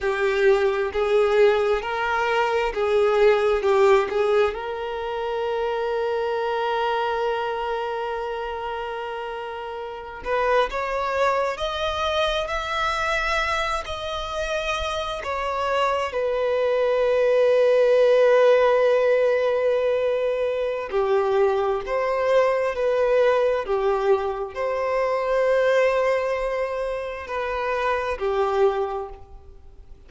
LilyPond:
\new Staff \with { instrumentName = "violin" } { \time 4/4 \tempo 4 = 66 g'4 gis'4 ais'4 gis'4 | g'8 gis'8 ais'2.~ | ais'2.~ ais'16 b'8 cis''16~ | cis''8. dis''4 e''4. dis''8.~ |
dis''8. cis''4 b'2~ b'16~ | b'2. g'4 | c''4 b'4 g'4 c''4~ | c''2 b'4 g'4 | }